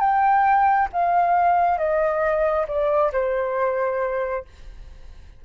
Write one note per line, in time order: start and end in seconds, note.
0.00 0.88 G5
0.93 1.78 F5
1.78 2.66 D#5
2.67 3.11 D5
3.12 4.44 C5